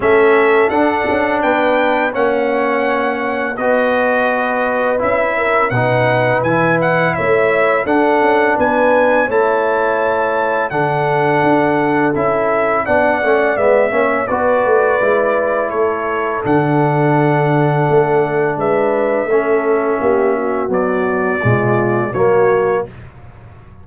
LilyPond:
<<
  \new Staff \with { instrumentName = "trumpet" } { \time 4/4 \tempo 4 = 84 e''4 fis''4 g''4 fis''4~ | fis''4 dis''2 e''4 | fis''4 gis''8 fis''8 e''4 fis''4 | gis''4 a''2 fis''4~ |
fis''4 e''4 fis''4 e''4 | d''2 cis''4 fis''4~ | fis''2 e''2~ | e''4 d''2 cis''4 | }
  \new Staff \with { instrumentName = "horn" } { \time 4/4 a'2 b'4 cis''4~ | cis''4 b'2~ b'8 ais'8 | b'2 cis''4 a'4 | b'4 cis''2 a'4~ |
a'2 d''4. cis''8 | b'2 a'2~ | a'2 b'4 a'4 | g'8 fis'4. f'4 fis'4 | }
  \new Staff \with { instrumentName = "trombone" } { \time 4/4 cis'4 d'2 cis'4~ | cis'4 fis'2 e'4 | dis'4 e'2 d'4~ | d'4 e'2 d'4~ |
d'4 e'4 d'8 cis'8 b8 cis'8 | fis'4 e'2 d'4~ | d'2. cis'4~ | cis'4 fis4 gis4 ais4 | }
  \new Staff \with { instrumentName = "tuba" } { \time 4/4 a4 d'8 cis'8 b4 ais4~ | ais4 b2 cis'4 | b,4 e4 a4 d'8 cis'8 | b4 a2 d4 |
d'4 cis'4 b8 a8 gis8 ais8 | b8 a8 gis4 a4 d4~ | d4 a4 gis4 a4 | ais4 b4 b,4 fis4 | }
>>